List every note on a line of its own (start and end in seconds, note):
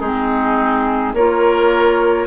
0.00 1.14 G#3
0.00 1.16 C4
0.00 1.13 D#4
0.00 1.14 G#4
1.14 2.27 A#3
1.14 2.27 F4
1.14 2.27 A#4
1.14 2.27 C#5